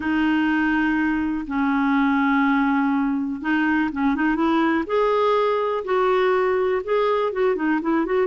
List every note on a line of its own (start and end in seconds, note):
0.00 1.45 D#4
1.47 3.41 C#4
3.41 3.90 D#4
3.92 4.15 C#4
4.15 4.35 D#4
4.35 4.84 E4
4.86 5.84 G#4
5.84 6.82 F#4
6.84 7.32 G#4
7.32 7.55 F#4
7.55 7.80 D#4
7.81 8.05 E4
8.05 8.26 F#4